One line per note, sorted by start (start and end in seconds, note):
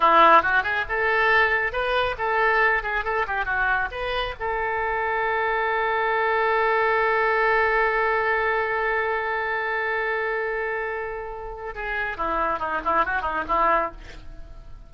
0.00 0.42 E4
0.42 0.63 F#4
0.63 0.85 G#4
0.88 1.72 A4
1.72 2.15 B4
2.18 2.83 A4
2.83 3.04 G#4
3.04 3.26 A4
3.27 3.45 G4
3.45 3.88 F#4
3.91 4.34 B4
4.39 11.74 A4
11.74 12.17 G#4
12.17 12.59 E4
12.59 12.80 D#4
12.84 13.05 E4
13.05 13.21 F#4
13.21 13.43 D#4
13.47 13.91 E4